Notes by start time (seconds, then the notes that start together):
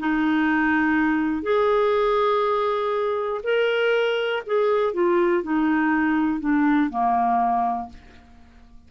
0.00 D#4
1.43 G#4
3.44 A#4
4.47 G#4
4.94 F4
5.44 D#4
6.41 D4
6.90 A#3